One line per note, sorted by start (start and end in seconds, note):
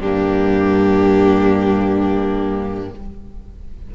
0.00 2.90 G2
0.00 2.95 A#3
0.00 2.90 D4
0.00 2.90 G4